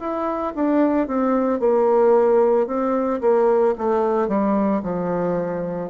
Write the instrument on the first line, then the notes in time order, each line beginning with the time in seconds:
bassoon
0.00 E4
0.56 D4
1.08 C4
1.60 A#3
2.67 C4
3.21 A#3
3.78 A3
4.29 G3
4.83 F3